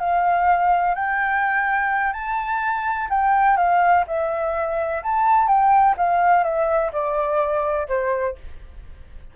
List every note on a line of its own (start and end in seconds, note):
0.00 0.95 F5
0.95 2.13 G5
2.13 3.08 A5
3.10 3.57 G5
3.57 4.05 F5
4.08 5.03 E5
5.03 5.48 A5
5.48 5.95 G5
5.98 6.44 F5
6.44 6.92 E5
6.93 7.88 D5
7.88 8.36 C5